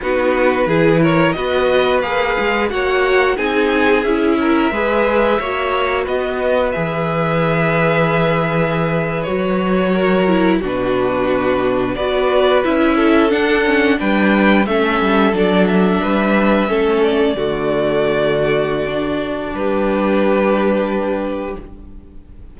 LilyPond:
<<
  \new Staff \with { instrumentName = "violin" } { \time 4/4 \tempo 4 = 89 b'4. cis''8 dis''4 f''4 | fis''4 gis''4 e''2~ | e''4 dis''4 e''2~ | e''4.~ e''16 cis''2 b'16~ |
b'4.~ b'16 d''4 e''4 fis''16~ | fis''8. g''4 e''4 d''8 e''8.~ | e''4~ e''16 d''2~ d''8.~ | d''4 b'2. | }
  \new Staff \with { instrumentName = "violin" } { \time 4/4 fis'4 gis'8 ais'8 b'2 | cis''4 gis'4. ais'8 b'4 | cis''4 b'2.~ | b'2~ b'8. ais'4 fis'16~ |
fis'4.~ fis'16 b'4. a'8.~ | a'8. b'4 a'2 b'16~ | b'8. a'4 fis'2~ fis'16~ | fis'4 g'2. | }
  \new Staff \with { instrumentName = "viola" } { \time 4/4 dis'4 e'4 fis'4 gis'4 | fis'4 dis'4 e'4 gis'4 | fis'2 gis'2~ | gis'4.~ gis'16 fis'4. e'8 d'16~ |
d'4.~ d'16 fis'4 e'4 d'16~ | d'16 cis'8 d'4 cis'4 d'4~ d'16~ | d'8. cis'4 a2~ a16 | d'1 | }
  \new Staff \with { instrumentName = "cello" } { \time 4/4 b4 e4 b4 ais8 gis8 | ais4 c'4 cis'4 gis4 | ais4 b4 e2~ | e4.~ e16 fis2 b,16~ |
b,4.~ b,16 b4 cis'4 d'16~ | d'8. g4 a8 g8 fis4 g16~ | g8. a4 d2~ d16~ | d4 g2. | }
>>